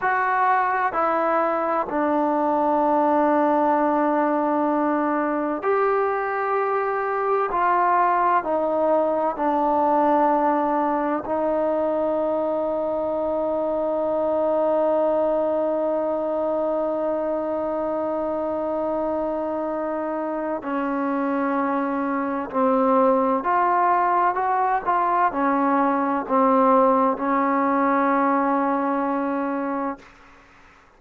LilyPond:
\new Staff \with { instrumentName = "trombone" } { \time 4/4 \tempo 4 = 64 fis'4 e'4 d'2~ | d'2 g'2 | f'4 dis'4 d'2 | dis'1~ |
dis'1~ | dis'2 cis'2 | c'4 f'4 fis'8 f'8 cis'4 | c'4 cis'2. | }